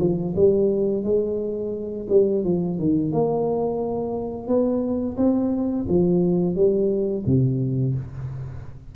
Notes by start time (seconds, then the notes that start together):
0.00 F3
0.36 G3
1.04 G#3
2.10 G3
2.45 F3
2.79 D#3
3.13 A#3
4.48 B3
5.17 C4
5.89 F3
6.55 G3
7.26 C3